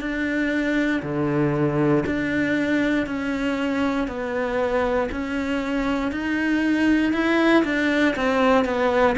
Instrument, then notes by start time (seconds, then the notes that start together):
cello
0.00 D4
1.02 D3
2.06 D4
3.06 C#4
4.07 B3
5.11 C#4
6.11 D#4
7.12 E4
7.64 D4
8.16 C4
8.64 B3